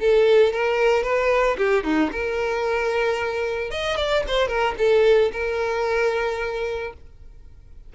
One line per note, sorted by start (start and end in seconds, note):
0.00 0.53 A4
0.53 1.03 A#4
1.03 1.57 B4
1.58 1.84 G4
1.84 2.10 D#4
2.12 3.71 A#4
3.71 3.97 D#5
3.97 4.24 D5
4.28 4.48 C5
4.48 4.75 A#4
4.78 5.32 A4
5.32 6.93 A#4